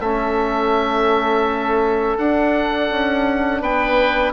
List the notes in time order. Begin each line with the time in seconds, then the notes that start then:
0.00 A3 C#4 A4 E5
2.18 D4 F#5
2.90 C#4
3.61 B3 B4 G5